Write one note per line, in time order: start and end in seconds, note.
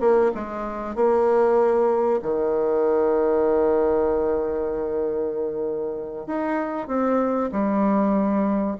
0.00 0.31 A#3
0.34 0.95 G#3
0.95 2.20 A#3
2.22 6.26 D#3
6.26 6.87 D#4
6.87 7.50 C4
7.51 8.76 G3